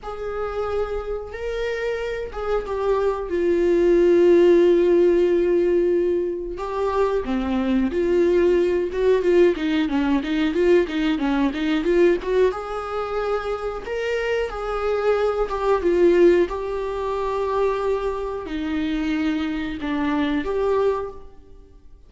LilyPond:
\new Staff \with { instrumentName = "viola" } { \time 4/4 \tempo 4 = 91 gis'2 ais'4. gis'8 | g'4 f'2.~ | f'2 g'4 c'4 | f'4. fis'8 f'8 dis'8 cis'8 dis'8 |
f'8 dis'8 cis'8 dis'8 f'8 fis'8 gis'4~ | gis'4 ais'4 gis'4. g'8 | f'4 g'2. | dis'2 d'4 g'4 | }